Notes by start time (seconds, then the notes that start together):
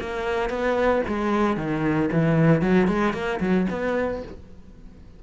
0.00 A#3
0.50 B3
1.07 G#3
1.57 D#3
2.12 E3
2.61 F#3
2.88 G#3
3.13 A#3
3.40 F#3
3.70 B3